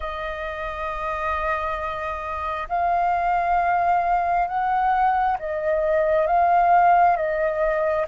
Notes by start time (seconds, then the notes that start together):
0.00 D#5
2.68 F5
4.47 F#5
5.39 D#5
6.26 F5
7.16 D#5